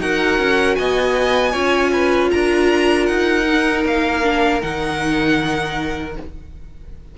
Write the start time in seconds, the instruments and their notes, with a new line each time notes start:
0.00 cello D#4, viola F#4, violin A#4 F#5
0.38 cello C#4
0.75 cello B3, violin D#5 G#5
1.51 cello C#4, viola F4, violin C#5
1.92 violin B4
2.31 cello D4, violin A#4 A#5
3.05 cello D#4, violin F#5
3.45 viola D#4
3.85 cello A#3, violin F5
4.22 viola D4
4.61 cello D#3, viola D#4, violin F#5